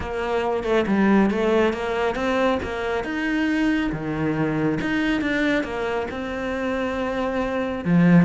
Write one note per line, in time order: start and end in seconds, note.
0.00 0.63 A#3
0.63 0.85 A3
0.87 1.30 G3
1.30 1.73 A3
1.73 2.15 A#3
2.15 2.58 C4
2.62 3.04 A#3
3.04 3.91 D#4
3.92 4.78 D#3
4.81 5.21 D#4
5.21 5.63 D4
5.63 6.07 A#3
6.10 7.84 C4
7.84 8.25 F3